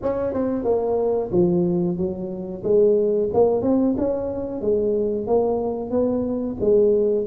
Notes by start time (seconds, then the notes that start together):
0.02 C#4
0.33 C4
0.64 A#3
1.31 F3
1.97 F#3
2.63 G#3
3.33 A#3
3.62 C4
3.97 C#4
4.61 G#3
5.26 A#3
5.90 B3
6.60 G#3